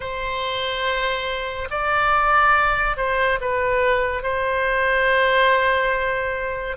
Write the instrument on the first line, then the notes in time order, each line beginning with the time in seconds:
oboe
0.00 C5
1.70 D5
2.97 C5
3.40 B4
4.23 C5